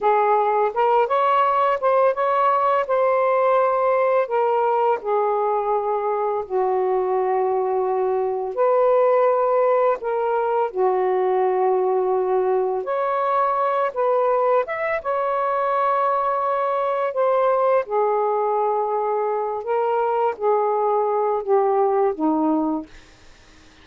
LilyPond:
\new Staff \with { instrumentName = "saxophone" } { \time 4/4 \tempo 4 = 84 gis'4 ais'8 cis''4 c''8 cis''4 | c''2 ais'4 gis'4~ | gis'4 fis'2. | b'2 ais'4 fis'4~ |
fis'2 cis''4. b'8~ | b'8 e''8 cis''2. | c''4 gis'2~ gis'8 ais'8~ | ais'8 gis'4. g'4 dis'4 | }